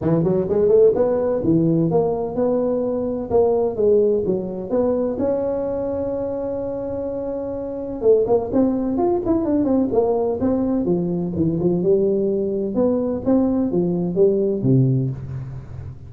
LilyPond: \new Staff \with { instrumentName = "tuba" } { \time 4/4 \tempo 4 = 127 e8 fis8 gis8 a8 b4 e4 | ais4 b2 ais4 | gis4 fis4 b4 cis'4~ | cis'1~ |
cis'4 a8 ais8 c'4 f'8 e'8 | d'8 c'8 ais4 c'4 f4 | e8 f8 g2 b4 | c'4 f4 g4 c4 | }